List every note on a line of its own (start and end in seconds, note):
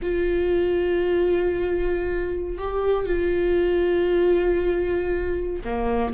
0.01 2.58 F4
2.58 3.06 G4
3.06 5.62 F4
5.64 6.13 A#3